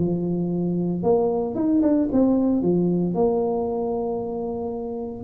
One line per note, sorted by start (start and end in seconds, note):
0.00 1.03 F3
1.03 1.55 A#3
1.55 1.82 D#4
1.83 2.09 D4
2.13 2.63 C4
2.63 3.15 F3
3.15 5.24 A#3